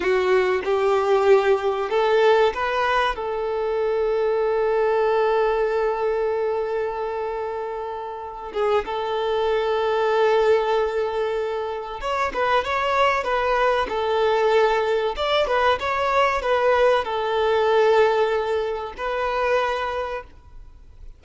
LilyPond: \new Staff \with { instrumentName = "violin" } { \time 4/4 \tempo 4 = 95 fis'4 g'2 a'4 | b'4 a'2.~ | a'1~ | a'4. gis'8 a'2~ |
a'2. cis''8 b'8 | cis''4 b'4 a'2 | d''8 b'8 cis''4 b'4 a'4~ | a'2 b'2 | }